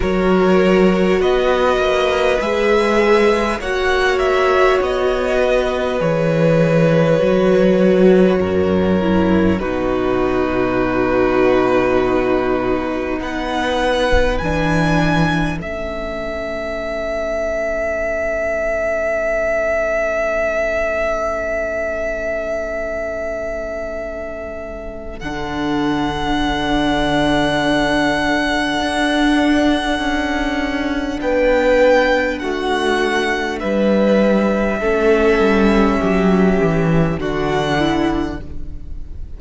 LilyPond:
<<
  \new Staff \with { instrumentName = "violin" } { \time 4/4 \tempo 4 = 50 cis''4 dis''4 e''4 fis''8 e''8 | dis''4 cis''2. | b'2. fis''4 | gis''4 e''2.~ |
e''1~ | e''4 fis''2.~ | fis''2 g''4 fis''4 | e''2. fis''4 | }
  \new Staff \with { instrumentName = "violin" } { \time 4/4 ais'4 b'2 cis''4~ | cis''8 b'2~ b'8 ais'4 | fis'2. b'4~ | b'4 a'2.~ |
a'1~ | a'1~ | a'2 b'4 fis'4 | b'4 a'4 g'4 fis'8 e'8 | }
  \new Staff \with { instrumentName = "viola" } { \time 4/4 fis'2 gis'4 fis'4~ | fis'4 gis'4 fis'4. e'8 | dis'1 | d'4 cis'2.~ |
cis'1~ | cis'4 d'2.~ | d'1~ | d'4 cis'2 d'4 | }
  \new Staff \with { instrumentName = "cello" } { \time 4/4 fis4 b8 ais8 gis4 ais4 | b4 e4 fis4 fis,4 | b,2. b4 | e4 a2.~ |
a1~ | a4 d2. | d'4 cis'4 b4 a4 | g4 a8 g8 fis8 e8 d4 | }
>>